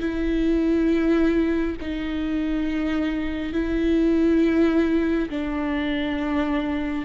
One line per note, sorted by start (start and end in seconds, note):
0.00 1.76 E4
1.81 3.53 D#4
3.53 5.30 E4
5.30 7.05 D4